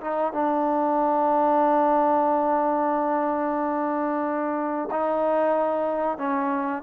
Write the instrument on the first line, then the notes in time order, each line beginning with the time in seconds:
trombone
0.00 D#4
0.33 D4
4.91 D#4
6.17 C#4